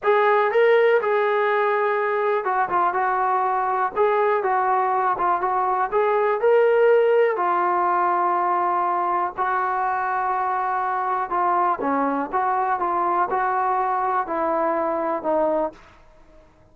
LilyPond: \new Staff \with { instrumentName = "trombone" } { \time 4/4 \tempo 4 = 122 gis'4 ais'4 gis'2~ | gis'4 fis'8 f'8 fis'2 | gis'4 fis'4. f'8 fis'4 | gis'4 ais'2 f'4~ |
f'2. fis'4~ | fis'2. f'4 | cis'4 fis'4 f'4 fis'4~ | fis'4 e'2 dis'4 | }